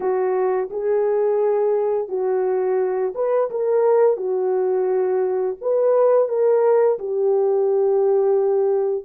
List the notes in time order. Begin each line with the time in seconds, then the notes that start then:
0.00 F#4
0.70 G#4
2.08 F#4
3.15 B4
3.50 A#4
4.16 F#4
5.61 B4
6.28 A#4
6.98 G4